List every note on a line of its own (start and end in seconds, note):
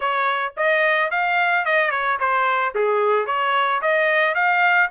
0.00 0.53 C#5
0.56 1.10 D#5
1.10 1.65 F5
1.65 1.90 D#5
1.90 2.17 C#5
2.19 2.74 C5
2.74 3.26 G#4
3.26 3.81 C#5
3.81 4.35 D#5
4.35 4.89 F5